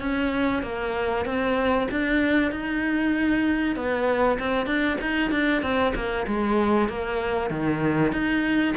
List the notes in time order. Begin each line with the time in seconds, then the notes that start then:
0.00 C#4
0.63 A#3
1.25 C4
1.91 D4
2.51 D#4
3.76 B3
4.39 C4
4.66 D4
5.01 D#4
5.31 D4
5.62 C4
5.95 A#3
6.27 G#3
6.88 A#3
7.50 D#3
8.12 D#4